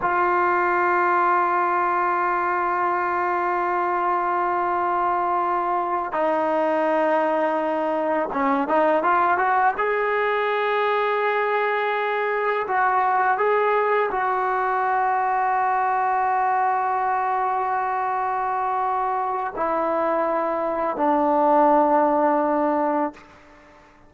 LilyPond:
\new Staff \with { instrumentName = "trombone" } { \time 4/4 \tempo 4 = 83 f'1~ | f'1~ | f'8 dis'2. cis'8 | dis'8 f'8 fis'8 gis'2~ gis'8~ |
gis'4. fis'4 gis'4 fis'8~ | fis'1~ | fis'2. e'4~ | e'4 d'2. | }